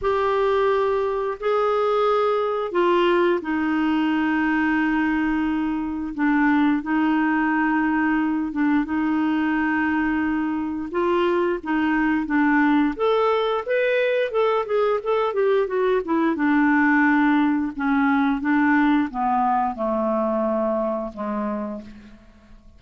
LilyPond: \new Staff \with { instrumentName = "clarinet" } { \time 4/4 \tempo 4 = 88 g'2 gis'2 | f'4 dis'2.~ | dis'4 d'4 dis'2~ | dis'8 d'8 dis'2. |
f'4 dis'4 d'4 a'4 | b'4 a'8 gis'8 a'8 g'8 fis'8 e'8 | d'2 cis'4 d'4 | b4 a2 gis4 | }